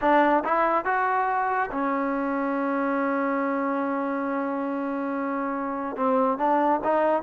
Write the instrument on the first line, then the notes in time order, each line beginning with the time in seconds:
trombone
0.01 D4
0.44 E4
0.84 F#4
1.71 C#4
5.96 C4
6.38 D4
6.84 D#4